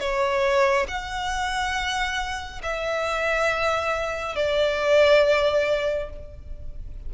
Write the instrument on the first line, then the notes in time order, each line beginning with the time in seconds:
violin
0.00 C#5
0.88 F#5
2.63 E5
4.36 D5